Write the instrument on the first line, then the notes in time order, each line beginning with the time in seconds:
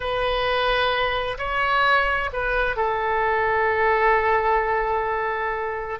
oboe
0.00 B4
1.37 C#5
2.32 B4
2.76 A4